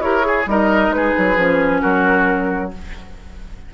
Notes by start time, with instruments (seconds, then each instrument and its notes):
0.00 bassoon E4, clarinet G4, oboe A#4, flute C#5
0.21 clarinet G#4, oboe G#4
0.46 bassoon G3, clarinet D#4, oboe A#4, flute D#5
0.90 bassoon G#3, flute B4
0.96 oboe G#4
1.18 bassoon F#3
1.37 bassoon F3, clarinet C#4
1.81 bassoon F#3, oboe F#4, flute A#4